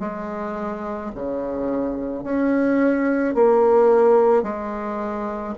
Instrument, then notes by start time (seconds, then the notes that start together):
bassoon
0.00 G#3
1.15 C#3
2.24 C#4
3.35 A#3
4.43 G#3